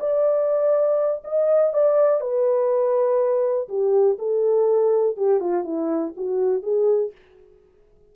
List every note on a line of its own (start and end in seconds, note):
0.00 1.23 D5
1.24 1.73 D#5
1.73 2.21 D5
2.21 3.68 B4
3.69 4.18 G4
4.19 5.17 A4
5.17 5.40 G4
5.40 5.64 F4
5.64 6.13 E4
6.17 6.63 F#4
6.63 7.12 G#4